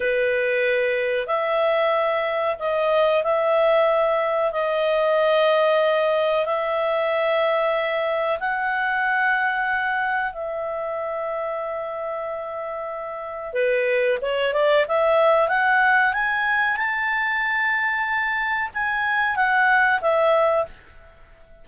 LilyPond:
\new Staff \with { instrumentName = "clarinet" } { \time 4/4 \tempo 4 = 93 b'2 e''2 | dis''4 e''2 dis''4~ | dis''2 e''2~ | e''4 fis''2. |
e''1~ | e''4 b'4 cis''8 d''8 e''4 | fis''4 gis''4 a''2~ | a''4 gis''4 fis''4 e''4 | }